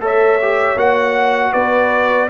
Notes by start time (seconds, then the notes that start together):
0.00 A3 A4 C#5
0.06 E5
0.42 G4
0.76 A#3 F#4 F#5
1.52 B3 B4 D5